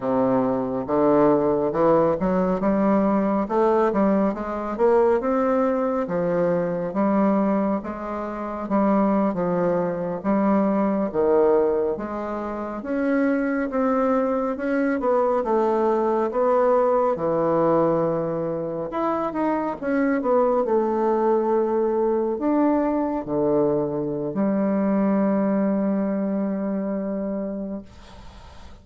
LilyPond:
\new Staff \with { instrumentName = "bassoon" } { \time 4/4 \tempo 4 = 69 c4 d4 e8 fis8 g4 | a8 g8 gis8 ais8 c'4 f4 | g4 gis4 g8. f4 g16~ | g8. dis4 gis4 cis'4 c'16~ |
c'8. cis'8 b8 a4 b4 e16~ | e4.~ e16 e'8 dis'8 cis'8 b8 a16~ | a4.~ a16 d'4 d4~ d16 | g1 | }